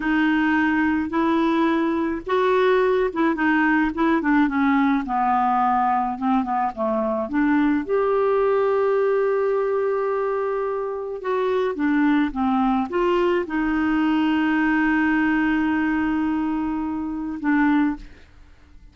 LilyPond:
\new Staff \with { instrumentName = "clarinet" } { \time 4/4 \tempo 4 = 107 dis'2 e'2 | fis'4. e'8 dis'4 e'8 d'8 | cis'4 b2 c'8 b8 | a4 d'4 g'2~ |
g'1 | fis'4 d'4 c'4 f'4 | dis'1~ | dis'2. d'4 | }